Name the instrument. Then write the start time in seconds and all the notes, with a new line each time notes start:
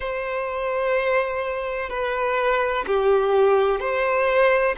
violin
0.00 C5
1.89 B4
2.87 G4
3.80 C5